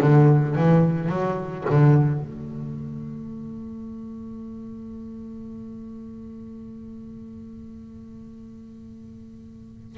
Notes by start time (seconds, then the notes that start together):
0.00 D3
0.55 E3
1.09 F#3
1.70 D3
2.20 A3